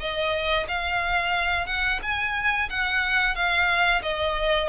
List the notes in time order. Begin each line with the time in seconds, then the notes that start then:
0.00 D#5
0.68 F5
1.66 F#5
2.03 G#5
2.70 F#5
3.35 F5
4.03 D#5